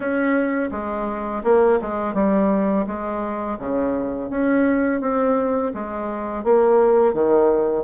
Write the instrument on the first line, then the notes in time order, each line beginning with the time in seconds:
bassoon
0.00 C#4
0.71 G#3
1.43 A#3
1.81 G#3
2.14 G3
2.86 G#3
3.58 C#3
4.30 C#4
5.00 C4
5.73 G#3
6.44 A#3
7.13 D#3